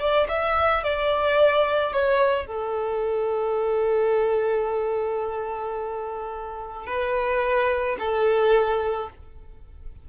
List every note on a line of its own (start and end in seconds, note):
0.00 0.28 D5
0.29 0.84 E5
0.84 1.93 D5
1.93 2.47 C#5
2.47 6.87 A4
6.87 7.97 B4
8.00 9.10 A4